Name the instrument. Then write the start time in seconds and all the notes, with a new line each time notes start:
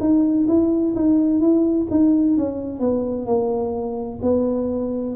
tuba
0.00 D#4
0.48 E4
0.95 D#4
1.40 E4
1.90 D#4
2.37 C#4
2.80 B3
3.26 A#3
4.22 B3